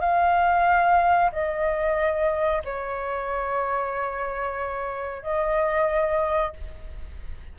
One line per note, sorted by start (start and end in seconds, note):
0.00 1.30 F5
1.32 2.63 D#5
2.64 5.22 C#5
5.22 6.53 D#5